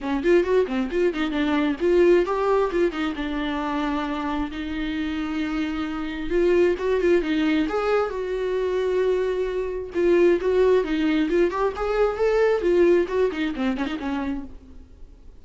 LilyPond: \new Staff \with { instrumentName = "viola" } { \time 4/4 \tempo 4 = 133 cis'8 f'8 fis'8 c'8 f'8 dis'8 d'4 | f'4 g'4 f'8 dis'8 d'4~ | d'2 dis'2~ | dis'2 f'4 fis'8 f'8 |
dis'4 gis'4 fis'2~ | fis'2 f'4 fis'4 | dis'4 f'8 g'8 gis'4 a'4 | f'4 fis'8 dis'8 c'8 cis'16 dis'16 cis'4 | }